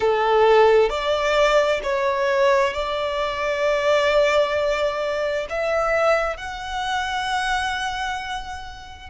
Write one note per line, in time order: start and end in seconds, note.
0.00 0.89 A4
0.89 1.80 D5
1.83 2.73 C#5
2.73 5.46 D5
5.49 6.36 E5
6.36 9.09 F#5